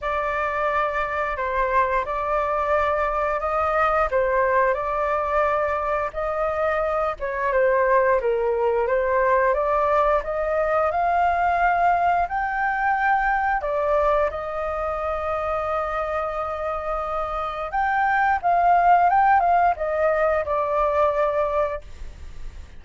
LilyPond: \new Staff \with { instrumentName = "flute" } { \time 4/4 \tempo 4 = 88 d''2 c''4 d''4~ | d''4 dis''4 c''4 d''4~ | d''4 dis''4. cis''8 c''4 | ais'4 c''4 d''4 dis''4 |
f''2 g''2 | d''4 dis''2.~ | dis''2 g''4 f''4 | g''8 f''8 dis''4 d''2 | }